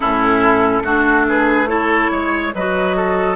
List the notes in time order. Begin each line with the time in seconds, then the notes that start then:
0.00 A2 C#4 E4 A4
0.82 A3 D4 F#4
1.28 G#4 B4
1.67 E4 A4 C#5
2.11 G#3 C#5
2.54 F#3 F#4 B4 D#5
2.96 A4